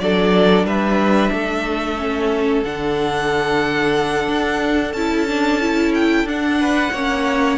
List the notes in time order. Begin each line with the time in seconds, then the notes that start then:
0.00 F#3 D4 A4 D5
0.65 G3 B4 E5
1.32 A3 A4
1.98 C#4
2.64 D3 D4 F#5
4.28 D4
4.94 C#4 E4 A5
5.28 D4
5.61 E4
5.95 G5
6.25 D4 F#5
6.61 B4
6.93 A#3 C#4 C#5